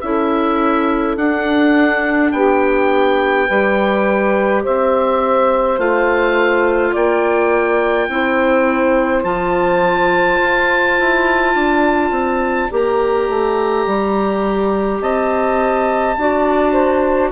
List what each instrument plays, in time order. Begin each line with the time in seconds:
0.00 bassoon C#4, clarinet E4, saxophone A4, oboe E5
1.16 bassoon D4, clarinet D4, oboe F#5
2.31 bassoon B3, saxophone G4, oboe G5
3.47 bassoon G3, clarinet G4, saxophone B4
4.62 bassoon C4, saxophone C5, oboe E5
5.78 bassoon A3, clarinet F4, oboe F5
6.91 bassoon A#3, saxophone D5, oboe G5
8.08 bassoon C4, clarinet E4, saxophone C5
9.23 bassoon F3, clarinet F4, oboe A5
10.40 bassoon F4
10.99 bassoon E4
11.54 bassoon D4, saxophone D5
12.10 bassoon C4
12.69 bassoon A#3, clarinet G4, oboe A#5
13.28 bassoon A3
13.86 bassoon G3
15.00 bassoon C4, saxophone D#5, oboe A5
16.16 bassoon D4, clarinet F#4, saxophone D5
16.71 saxophone C5